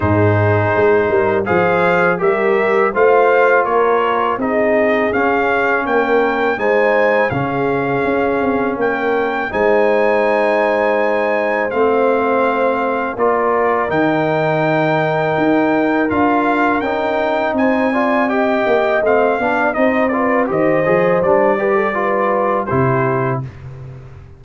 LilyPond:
<<
  \new Staff \with { instrumentName = "trumpet" } { \time 4/4 \tempo 4 = 82 c''2 f''4 e''4 | f''4 cis''4 dis''4 f''4 | g''4 gis''4 f''2 | g''4 gis''2. |
f''2 d''4 g''4~ | g''2 f''4 g''4 | gis''4 g''4 f''4 dis''8 d''8 | dis''4 d''2 c''4 | }
  \new Staff \with { instrumentName = "horn" } { \time 4/4 gis'4. ais'8 c''4 ais'4 | c''4 ais'4 gis'2 | ais'4 c''4 gis'2 | ais'4 c''2.~ |
c''2 ais'2~ | ais'1 | c''8 d''8 dis''4. d''8 c''8 b'8 | c''4. b'16 a'16 b'4 g'4 | }
  \new Staff \with { instrumentName = "trombone" } { \time 4/4 dis'2 gis'4 g'4 | f'2 dis'4 cis'4~ | cis'4 dis'4 cis'2~ | cis'4 dis'2. |
c'2 f'4 dis'4~ | dis'2 f'4 dis'4~ | dis'8 f'8 g'4 c'8 d'8 dis'8 f'8 | g'8 gis'8 d'8 g'8 f'4 e'4 | }
  \new Staff \with { instrumentName = "tuba" } { \time 4/4 gis,4 gis8 g8 f4 g4 | a4 ais4 c'4 cis'4 | ais4 gis4 cis4 cis'8 c'8 | ais4 gis2. |
a2 ais4 dis4~ | dis4 dis'4 d'4 cis'4 | c'4. ais8 a8 b8 c'4 | dis8 f8 g2 c4 | }
>>